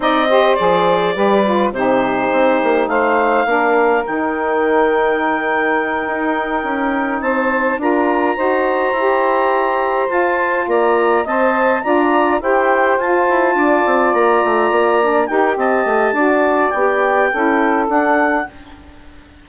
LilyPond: <<
  \new Staff \with { instrumentName = "clarinet" } { \time 4/4 \tempo 4 = 104 dis''4 d''2 c''4~ | c''4 f''2 g''4~ | g''1~ | g''8 a''4 ais''2~ ais''8~ |
ais''4. a''4 ais''4 a''8~ | a''8 ais''4 g''4 a''4.~ | a''8 ais''2 g''8 a''4~ | a''4 g''2 fis''4 | }
  \new Staff \with { instrumentName = "saxophone" } { \time 4/4 d''8 c''4. b'4 g'4~ | g'4 c''4 ais'2~ | ais'1~ | ais'8 c''4 ais'4 c''4.~ |
c''2~ c''8 d''4 dis''8~ | dis''8 d''4 c''2 d''8~ | d''2~ d''8 ais'8 dis''4 | d''2 a'2 | }
  \new Staff \with { instrumentName = "saxophone" } { \time 4/4 dis'8 g'8 gis'4 g'8 f'8 dis'4~ | dis'2 d'4 dis'4~ | dis'1~ | dis'4. f'4 fis'4 g'8~ |
g'4. f'2 c''8~ | c''8 f'4 g'4 f'4.~ | f'2 d'8 g'4. | fis'4 g'4 e'4 d'4 | }
  \new Staff \with { instrumentName = "bassoon" } { \time 4/4 c'4 f4 g4 c4 | c'8 ais8 a4 ais4 dis4~ | dis2~ dis8 dis'4 cis'8~ | cis'8 c'4 d'4 dis'4 e'8~ |
e'4. f'4 ais4 c'8~ | c'8 d'4 e'4 f'8 e'8 d'8 | c'8 ais8 a8 ais4 dis'8 c'8 a8 | d'4 b4 cis'4 d'4 | }
>>